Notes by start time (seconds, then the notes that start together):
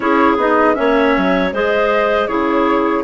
0.00 C#4 E4 G#4 C#5
0.36 B3 D#4 D#5
0.74 A#3 C#4 C#5 E5
1.16 F#3
1.53 G#3 G#4 C5 D#5
2.27 C#3 E4 G#4 C#5